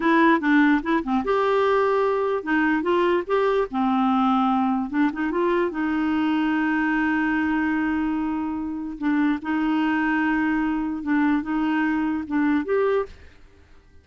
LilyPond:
\new Staff \with { instrumentName = "clarinet" } { \time 4/4 \tempo 4 = 147 e'4 d'4 e'8 c'8 g'4~ | g'2 dis'4 f'4 | g'4 c'2. | d'8 dis'8 f'4 dis'2~ |
dis'1~ | dis'2 d'4 dis'4~ | dis'2. d'4 | dis'2 d'4 g'4 | }